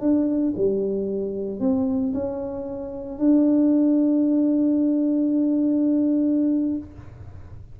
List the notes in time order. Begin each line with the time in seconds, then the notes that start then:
0.00 D4
0.56 G3
1.59 C4
2.14 C#4
3.19 D4